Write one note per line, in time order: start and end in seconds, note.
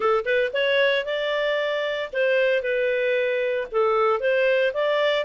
0.00 0.24 A4
0.25 0.51 B4
0.53 1.05 C#5
1.05 2.10 D5
2.12 2.62 C5
2.62 3.67 B4
3.71 4.19 A4
4.19 4.72 C5
4.73 5.25 D5